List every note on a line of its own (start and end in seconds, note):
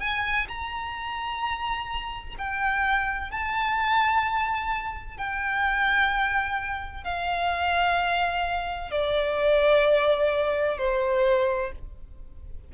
0.00 0.47 G#5
0.48 2.36 A#5
2.38 3.31 G5
3.31 5.18 A5
5.18 7.04 G5
7.04 8.91 F5
8.91 10.78 D5
10.78 11.72 C5